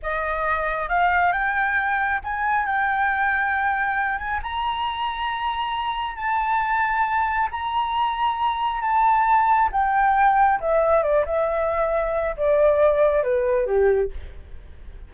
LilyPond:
\new Staff \with { instrumentName = "flute" } { \time 4/4 \tempo 4 = 136 dis''2 f''4 g''4~ | g''4 gis''4 g''2~ | g''4. gis''8 ais''2~ | ais''2 a''2~ |
a''4 ais''2. | a''2 g''2 | e''4 d''8 e''2~ e''8 | d''2 b'4 g'4 | }